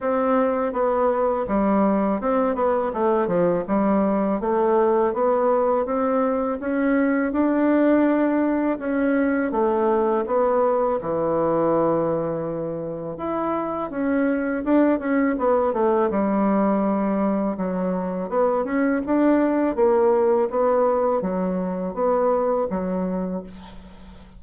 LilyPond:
\new Staff \with { instrumentName = "bassoon" } { \time 4/4 \tempo 4 = 82 c'4 b4 g4 c'8 b8 | a8 f8 g4 a4 b4 | c'4 cis'4 d'2 | cis'4 a4 b4 e4~ |
e2 e'4 cis'4 | d'8 cis'8 b8 a8 g2 | fis4 b8 cis'8 d'4 ais4 | b4 fis4 b4 fis4 | }